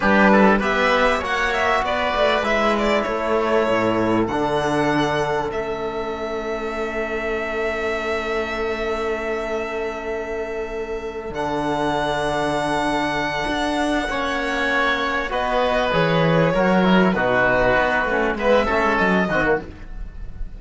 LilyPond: <<
  \new Staff \with { instrumentName = "violin" } { \time 4/4 \tempo 4 = 98 b'4 e''4 fis''8 e''8 d''4 | e''8 d''8 cis''2 fis''4~ | fis''4 e''2.~ | e''1~ |
e''2~ e''8 fis''4.~ | fis''1~ | fis''4 dis''4 cis''2 | b'2 e''4 dis''4 | }
  \new Staff \with { instrumentName = "oboe" } { \time 4/4 g'8 a'8 b'4 cis''4 b'4~ | b'4 a'2.~ | a'1~ | a'1~ |
a'1~ | a'2. cis''4~ | cis''4 b'2 ais'4 | fis'2 b'8 a'4 fis'8 | }
  \new Staff \with { instrumentName = "trombone" } { \time 4/4 d'4 g'4 fis'2 | e'2. d'4~ | d'4 cis'2.~ | cis'1~ |
cis'2~ cis'8 d'4.~ | d'2. cis'4~ | cis'4 fis'4 gis'4 fis'8 e'8 | dis'4. cis'8 b8 cis'4 c'16 ais16 | }
  \new Staff \with { instrumentName = "cello" } { \time 4/4 g4 b4 ais4 b8 a8 | gis4 a4 a,4 d4~ | d4 a2.~ | a1~ |
a2~ a8 d4.~ | d2 d'4 ais4~ | ais4 b4 e4 fis4 | b,4 b8 a8 gis8 a16 gis16 fis8 dis8 | }
>>